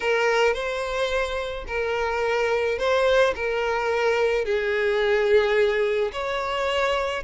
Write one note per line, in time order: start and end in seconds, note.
0.00 0.53 A#4
0.53 1.64 C5
1.67 2.78 A#4
2.78 3.34 C5
3.35 4.44 A#4
4.44 6.11 G#4
6.12 7.23 C#5